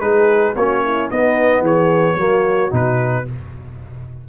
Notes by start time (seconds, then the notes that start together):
0.00 G#3 D#4 G#4 B4
0.55 A#3 C#4 F#4 C#5
0.83 E4
1.10 B3 D#4 D#5
1.61 E3 G#4 C#5
2.15 F#3 A#3 F#4
2.70 B2 D#4 B4